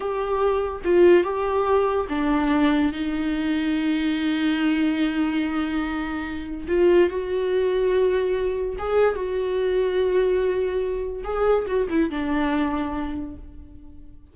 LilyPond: \new Staff \with { instrumentName = "viola" } { \time 4/4 \tempo 4 = 144 g'2 f'4 g'4~ | g'4 d'2 dis'4~ | dis'1~ | dis'1 |
f'4 fis'2.~ | fis'4 gis'4 fis'2~ | fis'2. gis'4 | fis'8 e'8 d'2. | }